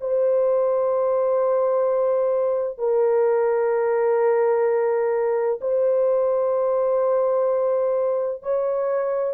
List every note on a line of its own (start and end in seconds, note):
0.00 2.78 C5
2.78 5.59 A#4
5.61 8.42 C5
8.42 9.34 C#5